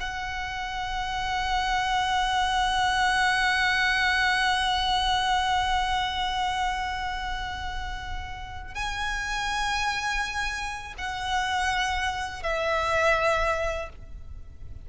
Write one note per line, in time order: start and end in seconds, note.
0.00 8.74 F#5
8.74 10.94 G#5
10.98 12.43 F#5
12.43 13.89 E5